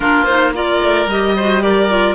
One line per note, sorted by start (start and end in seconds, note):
0.00 0.79 A#3
0.00 0.27 D4
0.00 0.53 F4
0.00 0.24 A#4
0.24 0.54 D#4
0.24 0.51 C5
0.54 1.08 F4
0.54 1.36 A#4
0.54 1.09 D5
0.82 1.06 A3
1.06 2.14 G3
1.06 1.37 G4
1.06 1.62 D#5
1.36 1.60 F#4
1.36 1.62 C5
1.60 1.87 G4
1.60 2.15 A#4
1.60 2.15 D5
1.89 2.15 F4